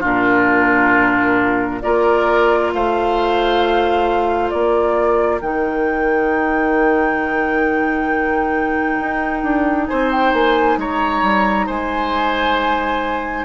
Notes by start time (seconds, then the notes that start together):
0.00 A#2 D4 F4
0.06 A#4
1.82 A#3 F4 A#4 D5
2.74 A3 C5 F5
4.50 A#3 A#4 D5
5.41 D#3 D#4 G5
9.00 D#4
9.43 D4
9.87 C4 C5 G#5
10.11 G5
10.33 A#3 G#5
10.77 G#3 C#5 A#5
11.22 G3
11.66 G#3 C5 G#5